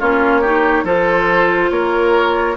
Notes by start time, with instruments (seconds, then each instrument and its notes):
0.00 bassoon A#3, clarinet C#4, oboe F4, flute C#5
0.42 clarinet D#4, oboe G4
0.84 bassoon F3, clarinet F4, oboe A4, flute C5
1.71 bassoon A#3, oboe A#4, flute C#5